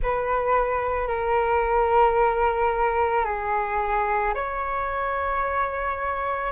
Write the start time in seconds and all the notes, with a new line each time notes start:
0.02 B4
1.07 A#4
3.24 G#4
4.34 C#5